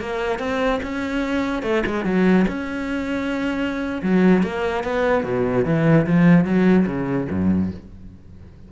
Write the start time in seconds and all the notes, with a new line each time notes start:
0.00 A#3
0.39 C4
0.83 C#4
1.63 A3
1.86 G#3
2.05 F#3
2.48 C#4
4.03 F#3
4.43 A#3
4.84 B3
5.24 B2
5.65 E3
6.07 F3
6.45 F#3
6.86 C#3
7.30 F#2